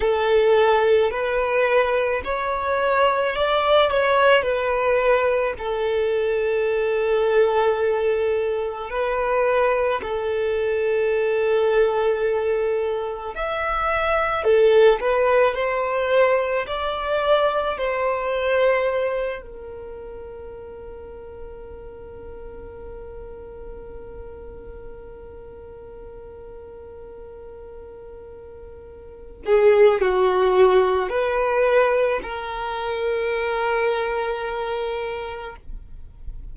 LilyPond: \new Staff \with { instrumentName = "violin" } { \time 4/4 \tempo 4 = 54 a'4 b'4 cis''4 d''8 cis''8 | b'4 a'2. | b'4 a'2. | e''4 a'8 b'8 c''4 d''4 |
c''4. ais'2~ ais'8~ | ais'1~ | ais'2~ ais'8 gis'8 fis'4 | b'4 ais'2. | }